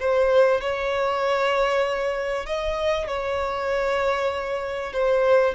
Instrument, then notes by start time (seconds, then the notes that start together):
violin
0.00 C5
0.60 C#5
2.46 D#5
3.07 C#5
4.93 C5